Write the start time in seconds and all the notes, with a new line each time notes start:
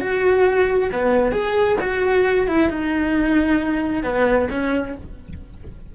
0.00 F#4
0.92 B3
1.32 G#4
1.81 F#4
2.48 E4
2.70 D#4
4.03 B3
4.50 C#4